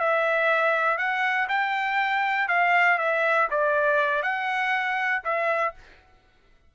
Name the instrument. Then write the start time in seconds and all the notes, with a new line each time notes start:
trumpet
0.00 E5
0.98 F#5
1.49 G5
2.49 F5
2.99 E5
3.51 D5
4.23 F#5
5.25 E5